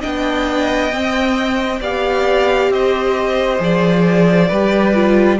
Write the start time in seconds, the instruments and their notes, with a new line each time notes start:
0.00 cello B3, viola D4, violin D#5 G5
0.92 cello C4, viola C4
1.80 cello B3, viola G4, violin D5 F5
2.69 cello C4, violin C5 D#5
3.58 cello F3, viola G#4, violin D5
4.48 cello G3, viola G4, violin B4
4.94 viola F4